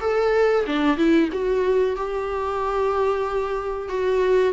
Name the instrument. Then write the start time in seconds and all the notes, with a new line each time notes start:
viola
0.00 A4
0.66 D4
0.97 E4
1.32 F#4
1.96 G4
3.88 F#4